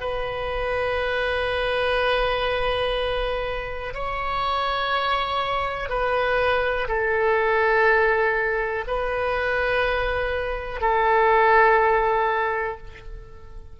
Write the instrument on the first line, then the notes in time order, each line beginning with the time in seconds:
oboe
0.00 B4
3.93 C#5
5.89 B4
6.88 A4
8.87 B4
10.81 A4